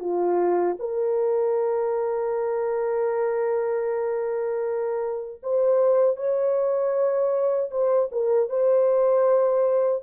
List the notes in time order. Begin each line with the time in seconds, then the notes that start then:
0.00 F4
0.79 A#4
5.43 C5
6.16 C#5
7.71 C5
8.12 A#4
8.49 C5